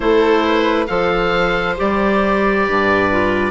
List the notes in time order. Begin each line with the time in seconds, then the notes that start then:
0.00 A3 E4 A4 C5
0.44 B4
0.87 F3 A4 C5 F5
1.77 G3 G4 D5
2.65 G2 B4
3.11 F4